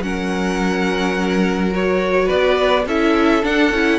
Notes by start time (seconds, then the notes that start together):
0.00 F#3 C#4 A#4 F#5
1.71 F#4 C#5
2.26 B4 D5
2.32 B3
2.86 C#4 E4 A4 E5
3.43 D4 F#5
3.71 C#4 E4